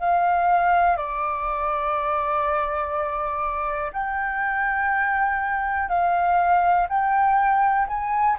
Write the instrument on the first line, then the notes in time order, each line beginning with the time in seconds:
flute
0.00 F5
0.97 D5
3.93 G5
5.89 F5
6.89 G5
7.88 G#5